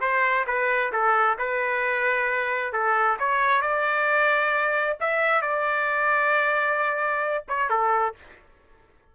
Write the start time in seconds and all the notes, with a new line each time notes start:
0.00 C5
0.47 B4
0.92 A4
1.38 B4
2.72 A4
3.19 C#5
3.61 D5
5.00 E5
5.41 D5
7.48 C#5
7.69 A4